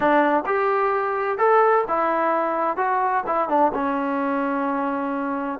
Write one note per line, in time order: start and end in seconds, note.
0.00 0.43 D4
0.45 1.37 G4
1.37 1.84 A4
1.87 2.77 E4
2.77 3.23 F#4
3.26 3.48 E4
3.48 3.72 D4
3.74 5.59 C#4